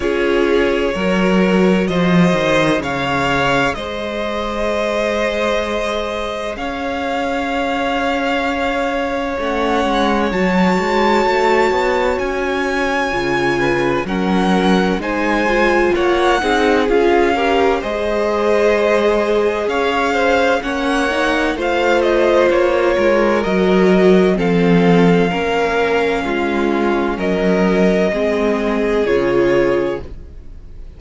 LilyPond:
<<
  \new Staff \with { instrumentName = "violin" } { \time 4/4 \tempo 4 = 64 cis''2 dis''4 f''4 | dis''2. f''4~ | f''2 fis''4 a''4~ | a''4 gis''2 fis''4 |
gis''4 fis''4 f''4 dis''4~ | dis''4 f''4 fis''4 f''8 dis''8 | cis''4 dis''4 f''2~ | f''4 dis''2 cis''4 | }
  \new Staff \with { instrumentName = "violin" } { \time 4/4 gis'4 ais'4 c''4 cis''4 | c''2. cis''4~ | cis''1~ | cis''2~ cis''8 b'8 ais'4 |
c''4 cis''8 gis'4 ais'8 c''4~ | c''4 cis''8 c''8 cis''4 c''4~ | c''8 ais'4. a'4 ais'4 | f'4 ais'4 gis'2 | }
  \new Staff \with { instrumentName = "viola" } { \time 4/4 f'4 fis'2 gis'4~ | gis'1~ | gis'2 cis'4 fis'4~ | fis'2 f'4 cis'4 |
dis'8 f'4 dis'8 f'8 g'8 gis'4~ | gis'2 cis'8 dis'8 f'4~ | f'4 fis'4 c'4 cis'4~ | cis'2 c'4 f'4 | }
  \new Staff \with { instrumentName = "cello" } { \time 4/4 cis'4 fis4 f8 dis8 cis4 | gis2. cis'4~ | cis'2 a8 gis8 fis8 gis8 | a8 b8 cis'4 cis4 fis4 |
gis4 ais8 c'8 cis'4 gis4~ | gis4 cis'4 ais4 a4 | ais8 gis8 fis4 f4 ais4 | gis4 fis4 gis4 cis4 | }
>>